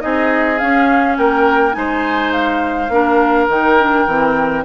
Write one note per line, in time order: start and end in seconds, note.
0.00 0.61 C4
0.00 0.58 D#4
0.00 1.18 G#4
0.00 0.58 D#5
0.58 1.72 C#4
0.58 1.18 C#4
0.58 1.16 F5
1.17 1.75 A#3
1.17 1.76 A#4
1.17 1.74 G5
1.72 2.89 G#3
1.72 2.88 D#4
1.72 2.93 C5
1.72 2.31 G#5
2.32 3.47 F5
2.89 3.47 A#3
2.89 3.49 D4
2.89 4.65 A#4
3.48 4.06 D#3
3.48 3.78 D#4
3.48 4.65 G5
3.79 4.08 D4
4.06 4.64 E3
4.06 4.65 C4